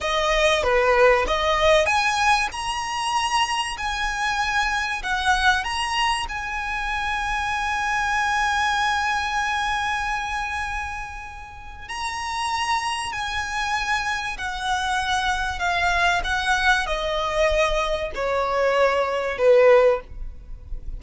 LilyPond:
\new Staff \with { instrumentName = "violin" } { \time 4/4 \tempo 4 = 96 dis''4 b'4 dis''4 gis''4 | ais''2 gis''2 | fis''4 ais''4 gis''2~ | gis''1~ |
gis''2. ais''4~ | ais''4 gis''2 fis''4~ | fis''4 f''4 fis''4 dis''4~ | dis''4 cis''2 b'4 | }